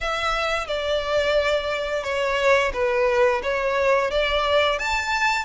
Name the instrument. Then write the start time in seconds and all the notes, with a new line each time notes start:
violin
0.00 E5
0.67 D5
2.03 C#5
2.73 B4
3.42 C#5
4.10 D5
4.79 A5